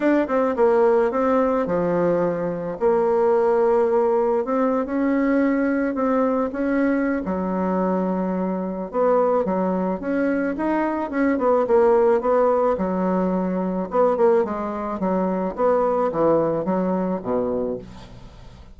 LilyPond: \new Staff \with { instrumentName = "bassoon" } { \time 4/4 \tempo 4 = 108 d'8 c'8 ais4 c'4 f4~ | f4 ais2. | c'8. cis'2 c'4 cis'16~ | cis'4 fis2. |
b4 fis4 cis'4 dis'4 | cis'8 b8 ais4 b4 fis4~ | fis4 b8 ais8 gis4 fis4 | b4 e4 fis4 b,4 | }